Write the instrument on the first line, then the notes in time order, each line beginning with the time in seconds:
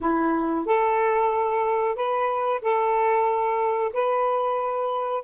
saxophone
0.00 E4
0.66 A4
1.95 B4
2.61 A4
3.93 B4